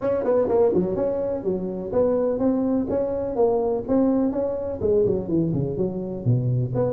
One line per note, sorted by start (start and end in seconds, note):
0.01 0.24 C#4
0.24 0.48 B3
0.48 0.72 A#3
0.74 0.95 F#3
0.95 1.43 C#4
1.43 1.91 F#3
1.92 2.38 B3
2.38 2.86 C4
2.89 3.35 C#4
3.35 3.83 A#3
3.87 4.31 C4
4.31 4.79 C#4
4.81 5.05 G#3
5.05 5.28 F#3
5.28 5.52 E3
5.53 5.77 C#3
5.77 6.24 F#3
6.24 6.72 B2
6.75 6.93 B3